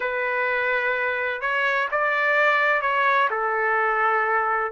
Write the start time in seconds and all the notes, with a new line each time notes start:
0.00 B4
1.41 C#5
1.91 D5
2.81 C#5
3.30 A4